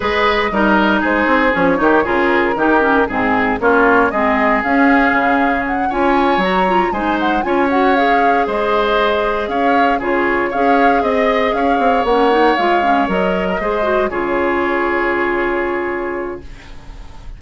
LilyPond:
<<
  \new Staff \with { instrumentName = "flute" } { \time 4/4 \tempo 4 = 117 dis''2 c''4 cis''4 | ais'2 gis'4 cis''4 | dis''4 f''2 fis''8 gis''8~ | gis''8 ais''4 gis''8 fis''8 gis''8 fis''8 f''8~ |
f''8 dis''2 f''4 cis''8~ | cis''8 f''4 dis''4 f''4 fis''8~ | fis''8 f''4 dis''2 cis''8~ | cis''1 | }
  \new Staff \with { instrumentName = "oboe" } { \time 4/4 b'4 ais'4 gis'4. g'8 | gis'4 g'4 gis'4 f'4 | gis'2.~ gis'8 cis''8~ | cis''4. c''4 cis''4.~ |
cis''8 c''2 cis''4 gis'8~ | gis'8 cis''4 dis''4 cis''4.~ | cis''2~ cis''16 ais'16 c''4 gis'8~ | gis'1 | }
  \new Staff \with { instrumentName = "clarinet" } { \time 4/4 gis'4 dis'2 cis'8 dis'8 | f'4 dis'8 cis'8 c'4 cis'4 | c'4 cis'2~ cis'8 f'8~ | f'8 fis'8 f'8 dis'4 f'8 fis'8 gis'8~ |
gis'2.~ gis'8 f'8~ | f'8 gis'2. cis'8 | dis'8 f'8 cis'8 ais'4 gis'8 fis'8 f'8~ | f'1 | }
  \new Staff \with { instrumentName = "bassoon" } { \time 4/4 gis4 g4 gis8 c'8 f8 dis8 | cis4 dis4 gis,4 ais4 | gis4 cis'4 cis4. cis'8~ | cis'8 fis4 gis4 cis'4.~ |
cis'8 gis2 cis'4 cis8~ | cis8 cis'4 c'4 cis'8 c'8 ais8~ | ais8 gis4 fis4 gis4 cis8~ | cis1 | }
>>